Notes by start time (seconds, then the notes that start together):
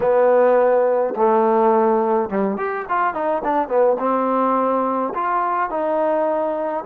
0.00 B3
1.15 A3
2.29 G3
2.57 G4
2.88 F4
3.14 D#4
3.44 D4
3.68 B3
3.99 C4
5.14 F4
5.70 D#4